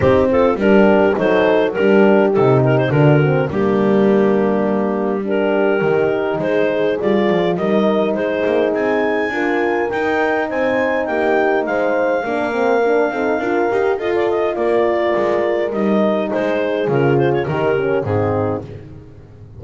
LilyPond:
<<
  \new Staff \with { instrumentName = "clarinet" } { \time 4/4 \tempo 4 = 103 g'8 a'8 ais'4 c''4 ais'4 | a'8 ais'16 c''16 ais'4 g'2~ | g'4 ais'2 c''4 | d''4 dis''4 c''4 gis''4~ |
gis''4 g''4 gis''4 g''4 | f''1 | dis''16 d''16 dis''8 d''2 dis''4 | c''4 ais'8 c''16 cis''16 ais'4 gis'4 | }
  \new Staff \with { instrumentName = "horn" } { \time 4/4 dis'8 f'8 g'4 a'4 g'4~ | g'4 fis'4 d'2~ | d'4 g'2 gis'4~ | gis'4 ais'4 gis'2 |
ais'2 c''4 g'4 | c''4 ais'4. a'8 ais'4 | a'4 ais'2. | gis'2 g'4 dis'4 | }
  \new Staff \with { instrumentName = "horn" } { \time 4/4 c'4 d'4 dis'4 d'4 | dis'4 d'8 c'8 ais2~ | ais4 d'4 dis'2 | f'4 dis'2. |
f'4 dis'2.~ | dis'4 d'8 c'8 d'8 dis'8 f'8 g'8 | f'2. dis'4~ | dis'4 f'4 dis'8 cis'8 c'4 | }
  \new Staff \with { instrumentName = "double bass" } { \time 4/4 c'4 g4 fis4 g4 | c4 d4 g2~ | g2 dis4 gis4 | g8 f8 g4 gis8 ais8 c'4 |
d'4 dis'4 c'4 ais4 | gis4 ais4. c'8 d'8 dis'8 | f'4 ais4 gis4 g4 | gis4 cis4 dis4 gis,4 | }
>>